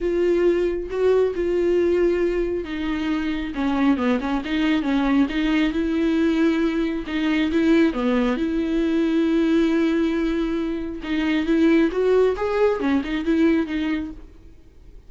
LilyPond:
\new Staff \with { instrumentName = "viola" } { \time 4/4 \tempo 4 = 136 f'2 fis'4 f'4~ | f'2 dis'2 | cis'4 b8 cis'8 dis'4 cis'4 | dis'4 e'2. |
dis'4 e'4 b4 e'4~ | e'1~ | e'4 dis'4 e'4 fis'4 | gis'4 cis'8 dis'8 e'4 dis'4 | }